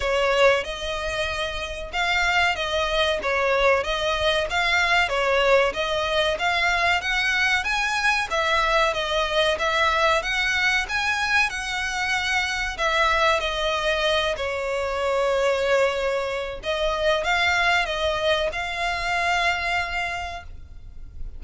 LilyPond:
\new Staff \with { instrumentName = "violin" } { \time 4/4 \tempo 4 = 94 cis''4 dis''2 f''4 | dis''4 cis''4 dis''4 f''4 | cis''4 dis''4 f''4 fis''4 | gis''4 e''4 dis''4 e''4 |
fis''4 gis''4 fis''2 | e''4 dis''4. cis''4.~ | cis''2 dis''4 f''4 | dis''4 f''2. | }